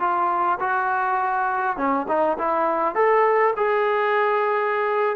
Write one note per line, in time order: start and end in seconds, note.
0.00 0.59 F4
0.60 1.77 F#4
1.77 2.07 C#4
2.09 2.38 D#4
2.39 2.95 E4
2.95 3.54 A4
3.57 5.17 G#4